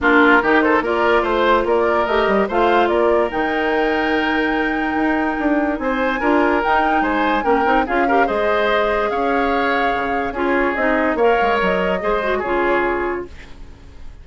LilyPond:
<<
  \new Staff \with { instrumentName = "flute" } { \time 4/4 \tempo 4 = 145 ais'4. c''8 d''4 c''4 | d''4 dis''4 f''4 d''4 | g''1~ | g''2 gis''2 |
g''4 gis''4 g''4 f''4 | dis''2 f''2~ | f''4 cis''4 dis''4 f''4 | dis''2 cis''2 | }
  \new Staff \with { instrumentName = "oboe" } { \time 4/4 f'4 g'8 a'8 ais'4 c''4 | ais'2 c''4 ais'4~ | ais'1~ | ais'2 c''4 ais'4~ |
ais'4 c''4 ais'4 gis'8 ais'8 | c''2 cis''2~ | cis''4 gis'2 cis''4~ | cis''4 c''4 gis'2 | }
  \new Staff \with { instrumentName = "clarinet" } { \time 4/4 d'4 dis'4 f'2~ | f'4 g'4 f'2 | dis'1~ | dis'2. f'4 |
dis'2 cis'8 dis'8 f'8 g'8 | gis'1~ | gis'4 f'4 dis'4 ais'4~ | ais'4 gis'8 fis'8 f'2 | }
  \new Staff \with { instrumentName = "bassoon" } { \time 4/4 ais4 dis4 ais4 a4 | ais4 a8 g8 a4 ais4 | dis1 | dis'4 d'4 c'4 d'4 |
dis'4 gis4 ais8 c'8 cis'4 | gis2 cis'2 | cis4 cis'4 c'4 ais8 gis8 | fis4 gis4 cis2 | }
>>